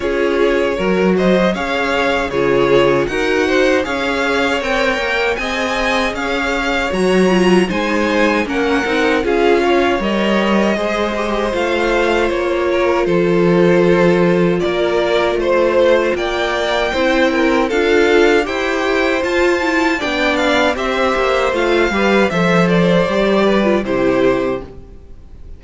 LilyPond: <<
  \new Staff \with { instrumentName = "violin" } { \time 4/4 \tempo 4 = 78 cis''4. dis''8 f''4 cis''4 | fis''4 f''4 g''4 gis''4 | f''4 ais''4 gis''4 fis''4 | f''4 dis''2 f''4 |
cis''4 c''2 d''4 | c''4 g''2 f''4 | g''4 a''4 g''8 f''8 e''4 | f''4 e''8 d''4. c''4 | }
  \new Staff \with { instrumentName = "violin" } { \time 4/4 gis'4 ais'8 c''8 cis''4 gis'4 | ais'8 c''8 cis''2 dis''4 | cis''2 c''4 ais'4 | gis'8 cis''4. c''2~ |
c''8 ais'8 a'2 ais'4 | c''4 d''4 c''8 ais'8 a'4 | c''2 d''4 c''4~ | c''8 b'8 c''4. b'8 g'4 | }
  \new Staff \with { instrumentName = "viola" } { \time 4/4 f'4 fis'4 gis'4 f'4 | fis'4 gis'4 ais'4 gis'4~ | gis'4 fis'8 f'8 dis'4 cis'8 dis'8 | f'4 ais'4 gis'8 g'8 f'4~ |
f'1~ | f'2 e'4 f'4 | g'4 f'8 e'8 d'4 g'4 | f'8 g'8 a'4 g'8. f'16 e'4 | }
  \new Staff \with { instrumentName = "cello" } { \time 4/4 cis'4 fis4 cis'4 cis4 | dis'4 cis'4 c'8 ais8 c'4 | cis'4 fis4 gis4 ais8 c'8 | cis'4 g4 gis4 a4 |
ais4 f2 ais4 | a4 ais4 c'4 d'4 | e'4 f'4 b4 c'8 ais8 | a8 g8 f4 g4 c4 | }
>>